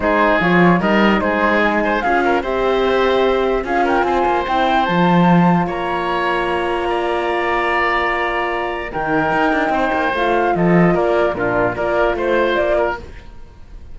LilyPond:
<<
  \new Staff \with { instrumentName = "flute" } { \time 4/4 \tempo 4 = 148 c''4 cis''4 dis''4 c''4 | gis''4 f''4 e''2~ | e''4 f''8 g''8 gis''4 g''4 | a''2 ais''2~ |
ais''1~ | ais''2 g''2~ | g''4 f''4 dis''4 d''4 | ais'4 d''4 c''4 d''4 | }
  \new Staff \with { instrumentName = "oboe" } { \time 4/4 gis'2 ais'4 gis'4~ | gis'8 c''8 gis'8 ais'8 c''2~ | c''4 gis'8 ais'8 c''2~ | c''2 cis''2~ |
cis''4 d''2.~ | d''2 ais'2 | c''2 a'4 ais'4 | f'4 ais'4 c''4. ais'8 | }
  \new Staff \with { instrumentName = "horn" } { \time 4/4 dis'4 f'4 dis'2~ | dis'4 f'4 g'2~ | g'4 f'2 e'4 | f'1~ |
f'1~ | f'2 dis'2~ | dis'4 f'2. | d'4 f'2. | }
  \new Staff \with { instrumentName = "cello" } { \time 4/4 gis4 f4 g4 gis4~ | gis4 cis'4 c'2~ | c'4 cis'4 c'8 ais8 c'4 | f2 ais2~ |
ais1~ | ais2 dis4 dis'8 d'8 | c'8 ais8 a4 f4 ais4 | ais,4 ais4 a4 ais4 | }
>>